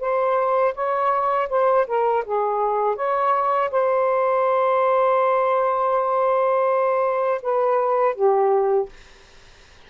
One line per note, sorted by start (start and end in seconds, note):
0.00 0.74 C5
0.74 1.48 C#5
1.49 1.86 C5
1.87 2.24 A#4
2.25 2.96 G#4
2.96 3.70 C#5
3.71 7.41 C5
7.42 8.15 B4
8.15 8.89 G4